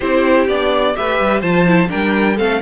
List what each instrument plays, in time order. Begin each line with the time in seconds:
0.00 cello C4, viola E4, violin G4 C5
0.48 cello B3, viola D4, violin D5
0.94 cello A3, viola G4, violin B4 E5
1.20 cello G3
1.41 cello F3, viola F4, violin C5 A5
1.66 viola E4
1.87 viola D4, violin A#4 G5
1.94 cello G3
2.36 cello A3, viola C4, violin A4 F5